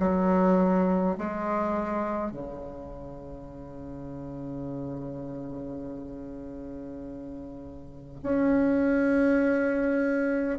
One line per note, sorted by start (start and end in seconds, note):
0.00 1.18 F#3
1.18 2.32 G#3
2.32 8.20 C#3
8.24 10.59 C#4